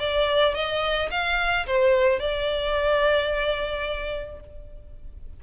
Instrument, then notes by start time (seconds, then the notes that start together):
violin
0.00 D5
0.55 D#5
1.12 F5
1.67 C5
2.20 D5